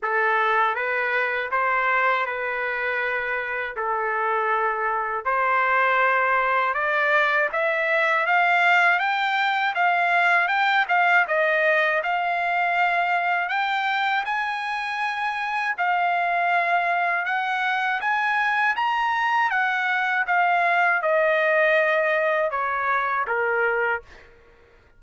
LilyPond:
\new Staff \with { instrumentName = "trumpet" } { \time 4/4 \tempo 4 = 80 a'4 b'4 c''4 b'4~ | b'4 a'2 c''4~ | c''4 d''4 e''4 f''4 | g''4 f''4 g''8 f''8 dis''4 |
f''2 g''4 gis''4~ | gis''4 f''2 fis''4 | gis''4 ais''4 fis''4 f''4 | dis''2 cis''4 ais'4 | }